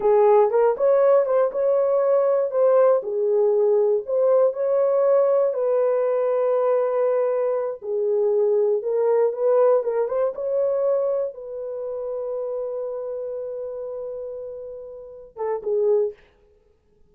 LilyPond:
\new Staff \with { instrumentName = "horn" } { \time 4/4 \tempo 4 = 119 gis'4 ais'8 cis''4 c''8 cis''4~ | cis''4 c''4 gis'2 | c''4 cis''2 b'4~ | b'2.~ b'8 gis'8~ |
gis'4. ais'4 b'4 ais'8 | c''8 cis''2 b'4.~ | b'1~ | b'2~ b'8 a'8 gis'4 | }